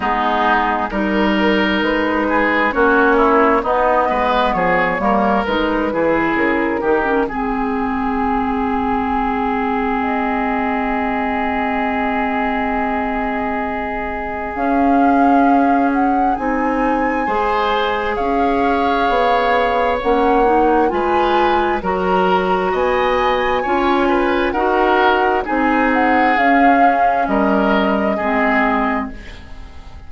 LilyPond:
<<
  \new Staff \with { instrumentName = "flute" } { \time 4/4 \tempo 4 = 66 gis'4 ais'4 b'4 cis''4 | dis''4 cis''4 b'4 ais'4 | gis'2. dis''4~ | dis''1 |
f''4. fis''8 gis''2 | f''2 fis''4 gis''4 | ais''4 gis''2 fis''4 | gis''8 fis''8 f''4 dis''2 | }
  \new Staff \with { instrumentName = "oboe" } { \time 4/4 dis'4 ais'4. gis'8 fis'8 e'8 | dis'8 b'8 gis'8 ais'4 gis'4 g'8 | gis'1~ | gis'1~ |
gis'2. c''4 | cis''2. b'4 | ais'4 dis''4 cis''8 b'8 ais'4 | gis'2 ais'4 gis'4 | }
  \new Staff \with { instrumentName = "clarinet" } { \time 4/4 b4 dis'2 cis'4 | b4. ais8 dis'8 e'4 dis'16 cis'16 | c'1~ | c'1 |
cis'2 dis'4 gis'4~ | gis'2 cis'8 dis'8 f'4 | fis'2 f'4 fis'4 | dis'4 cis'2 c'4 | }
  \new Staff \with { instrumentName = "bassoon" } { \time 4/4 gis4 g4 gis4 ais4 | b8 gis8 f8 g8 gis8 e8 cis8 dis8 | gis1~ | gis1 |
cis'2 c'4 gis4 | cis'4 b4 ais4 gis4 | fis4 b4 cis'4 dis'4 | c'4 cis'4 g4 gis4 | }
>>